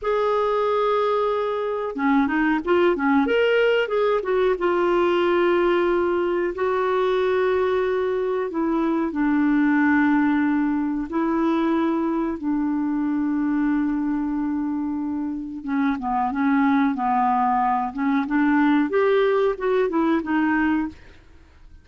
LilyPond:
\new Staff \with { instrumentName = "clarinet" } { \time 4/4 \tempo 4 = 92 gis'2. cis'8 dis'8 | f'8 cis'8 ais'4 gis'8 fis'8 f'4~ | f'2 fis'2~ | fis'4 e'4 d'2~ |
d'4 e'2 d'4~ | d'1 | cis'8 b8 cis'4 b4. cis'8 | d'4 g'4 fis'8 e'8 dis'4 | }